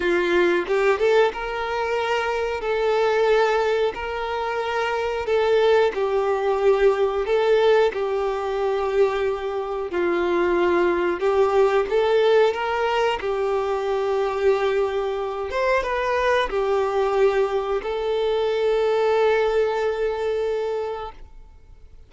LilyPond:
\new Staff \with { instrumentName = "violin" } { \time 4/4 \tempo 4 = 91 f'4 g'8 a'8 ais'2 | a'2 ais'2 | a'4 g'2 a'4 | g'2. f'4~ |
f'4 g'4 a'4 ais'4 | g'2.~ g'8 c''8 | b'4 g'2 a'4~ | a'1 | }